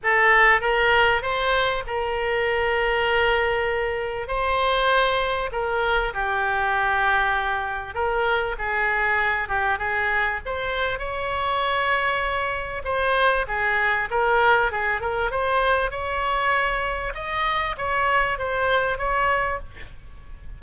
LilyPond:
\new Staff \with { instrumentName = "oboe" } { \time 4/4 \tempo 4 = 98 a'4 ais'4 c''4 ais'4~ | ais'2. c''4~ | c''4 ais'4 g'2~ | g'4 ais'4 gis'4. g'8 |
gis'4 c''4 cis''2~ | cis''4 c''4 gis'4 ais'4 | gis'8 ais'8 c''4 cis''2 | dis''4 cis''4 c''4 cis''4 | }